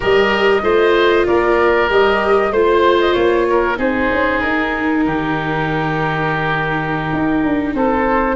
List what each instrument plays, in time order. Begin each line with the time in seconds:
0.00 tuba G3, viola G4, oboe A#4, flute D#5
0.62 tuba A3, viola F4, oboe C5
1.26 tuba A#3, oboe A#4, flute D5
1.89 tuba G3, viola G4, flute D#5
2.50 tuba A3, viola F4, oboe C5, flute C5
3.00 flute D#5
3.12 tuba A#3, flute C#5
3.49 oboe A#4
3.76 tuba C4, viola D#4, oboe G#4, flute C5
4.11 tuba C#4
4.40 tuba D#4, flute A#4
5.05 tuba D#3, oboe G4
7.12 tuba D#4
7.44 tuba D4
7.74 tuba C4, oboe A4, flute C5